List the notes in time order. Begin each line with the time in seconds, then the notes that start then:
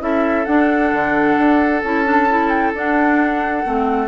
0.00 C#4 E4 A4 E5
0.45 D4 F#5
0.93 D3
1.38 D4
1.83 C#4 E4 A5
2.05 D4
2.30 E4
2.50 G5
2.74 D4 F#5
3.65 A3 C4